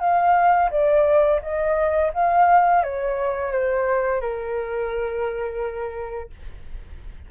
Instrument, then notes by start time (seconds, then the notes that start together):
flute
0.00 F5
0.71 D5
1.42 D#5
2.14 F5
2.84 C#5
3.52 C5
4.21 A#4